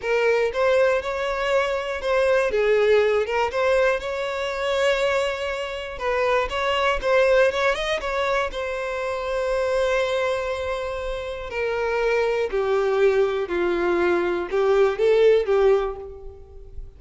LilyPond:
\new Staff \with { instrumentName = "violin" } { \time 4/4 \tempo 4 = 120 ais'4 c''4 cis''2 | c''4 gis'4. ais'8 c''4 | cis''1 | b'4 cis''4 c''4 cis''8 dis''8 |
cis''4 c''2.~ | c''2. ais'4~ | ais'4 g'2 f'4~ | f'4 g'4 a'4 g'4 | }